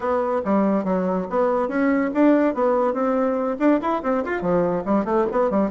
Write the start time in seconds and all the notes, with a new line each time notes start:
0.00 B3
0.45 G3
0.84 F#3
1.30 B3
1.68 C#4
2.14 D4
2.54 B3
2.93 C4
3.59 D4
3.81 E4
4.03 C4
4.24 F4
4.41 F3
4.85 G3
5.04 A3
5.31 B3
5.50 G3